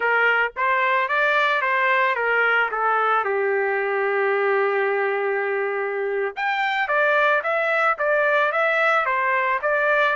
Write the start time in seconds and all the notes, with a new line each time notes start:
0.00 A#4
0.56 C5
1.08 D5
1.61 C5
2.15 A#4
2.71 A4
3.24 G4
6.35 G5
6.88 D5
7.43 E5
7.98 D5
8.51 E5
9.05 C5
9.62 D5